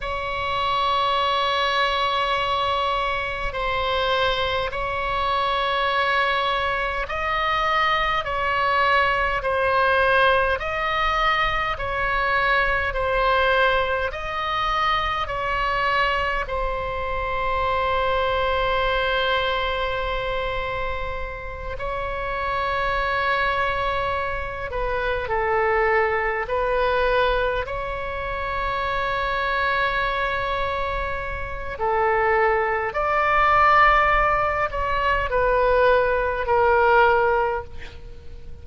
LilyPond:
\new Staff \with { instrumentName = "oboe" } { \time 4/4 \tempo 4 = 51 cis''2. c''4 | cis''2 dis''4 cis''4 | c''4 dis''4 cis''4 c''4 | dis''4 cis''4 c''2~ |
c''2~ c''8 cis''4.~ | cis''4 b'8 a'4 b'4 cis''8~ | cis''2. a'4 | d''4. cis''8 b'4 ais'4 | }